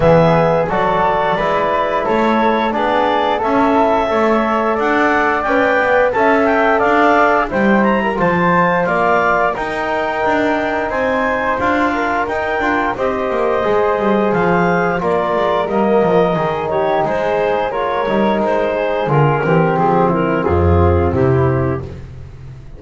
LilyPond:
<<
  \new Staff \with { instrumentName = "clarinet" } { \time 4/4 \tempo 4 = 88 e''4 d''2 cis''4 | d''4 e''2 fis''4 | g''4 a''8 g''8 f''4 g''8 ais''8 | a''4 f''4 g''2 |
gis''4 f''4 g''4 dis''4~ | dis''4 f''4 d''4 dis''4~ | dis''8 cis''8 c''4 cis''4 c''4 | ais'4 gis'8 ais'8 gis'4 g'4 | }
  \new Staff \with { instrumentName = "flute" } { \time 4/4 gis'4 a'4 b'4 a'4 | gis'4 a'4 cis''4 d''4~ | d''4 e''4 d''4 c''8. ais'16 | c''4 d''4 ais'2 |
c''4. ais'4. c''4~ | c''2 ais'2 | gis'8 g'8 gis'4 ais'4. gis'8~ | gis'8 g'4 e'8 f'4 e'4 | }
  \new Staff \with { instrumentName = "trombone" } { \time 4/4 b4 fis'4 e'2 | d'4 cis'8 e'8 a'2 | b'4 a'2 e'4 | f'2 dis'2~ |
dis'4 f'4 dis'8 f'8 g'4 | gis'2 f'4 ais4 | dis'2 f'8 dis'4. | f'8 c'2.~ c'8 | }
  \new Staff \with { instrumentName = "double bass" } { \time 4/4 e4 fis4 gis4 a4 | b4 cis'4 a4 d'4 | cis'8 b8 cis'4 d'4 g4 | f4 ais4 dis'4 d'4 |
c'4 d'4 dis'8 d'8 c'8 ais8 | gis8 g8 f4 ais8 gis8 g8 f8 | dis4 gis4. g8 gis4 | d8 e8 f4 f,4 c4 | }
>>